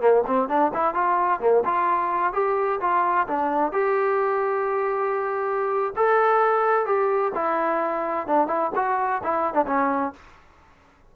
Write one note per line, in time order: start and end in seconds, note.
0.00 0.23 A#3
0.26 0.48 C4
0.48 0.71 D4
0.74 0.94 E4
0.94 1.40 F4
1.40 1.63 A#3
1.65 2.33 F4
2.33 2.79 G4
2.80 3.27 F4
3.27 3.72 D4
3.72 5.93 G4
5.96 6.85 A4
6.85 7.32 G4
7.34 8.27 E4
8.27 8.47 D4
8.47 8.70 E4
8.75 9.22 F#4
9.23 9.53 E4
9.53 9.65 D4
9.66 10.13 C#4